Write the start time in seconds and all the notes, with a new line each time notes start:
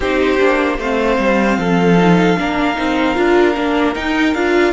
0.00 C4 D#4 G4 C5
0.38 A#3 D4
0.78 A3 C4 C5 F5
1.18 G3
1.57 F3 A4
1.97 D#4
2.37 A#3 D4 A#4
2.75 C4 D#4
3.14 D4 F4
3.55 A#3 D4
3.94 D#4 G5
4.34 D4 F4 F5